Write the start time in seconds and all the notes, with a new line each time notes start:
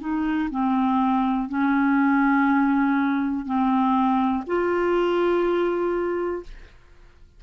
0.00 D#4
0.51 C4
1.48 C#4
3.45 C4
4.46 F4